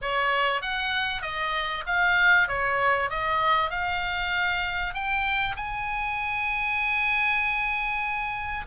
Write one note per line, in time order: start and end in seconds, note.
0.01 0.61 C#5
0.61 1.22 F#5
1.22 1.84 D#5
1.86 2.47 F5
2.47 3.09 C#5
3.09 3.70 D#5
3.70 4.93 F5
4.93 5.55 G5
5.56 8.65 G#5